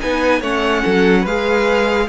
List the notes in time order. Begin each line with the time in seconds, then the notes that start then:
0.00 B3 D#4 B4 G#5
0.41 A3 C#4 C#5 F#5
0.84 F#3 A4
1.22 G#3 G#4 B4 F5